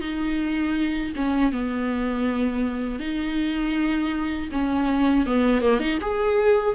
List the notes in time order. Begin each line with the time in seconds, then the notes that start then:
0.00 D#4
1.16 C#4
1.52 B3
2.99 D#4
4.51 C#4
5.26 B3
5.61 A#3
5.80 D#4
6.01 G#4